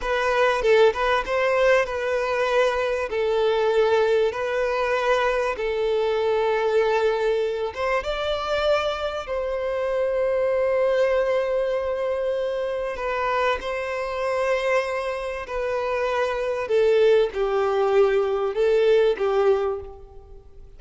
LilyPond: \new Staff \with { instrumentName = "violin" } { \time 4/4 \tempo 4 = 97 b'4 a'8 b'8 c''4 b'4~ | b'4 a'2 b'4~ | b'4 a'2.~ | a'8 c''8 d''2 c''4~ |
c''1~ | c''4 b'4 c''2~ | c''4 b'2 a'4 | g'2 a'4 g'4 | }